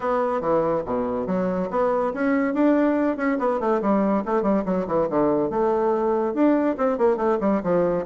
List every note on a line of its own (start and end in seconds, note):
0.00 0.40 B3
0.40 0.82 E3
0.85 1.26 B2
1.26 1.69 F#3
1.70 2.12 B3
2.13 2.54 C#4
2.54 3.16 D4
3.16 3.37 C#4
3.39 3.60 B3
3.60 3.81 A3
3.81 4.23 G3
4.25 4.42 A3
4.42 4.63 G3
4.65 4.86 F#3
4.87 5.08 E3
5.09 5.49 D3
5.49 6.34 A3
6.34 6.76 D4
6.77 6.97 C4
6.97 7.16 A#3
7.16 7.38 A3
7.40 7.61 G3
7.63 8.05 F3